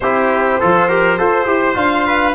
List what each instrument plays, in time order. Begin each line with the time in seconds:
0.00 tuba C4, trombone E4, trumpet G4, violin C5
0.60 tuba F3, trombone F4, trumpet A4
0.88 trombone G4, trumpet A#4
1.18 tuba F4, trombone A4, trumpet C5
1.45 tuba E4, trombone G4
1.74 tuba D4, trombone F4, violin F5
2.06 trumpet B4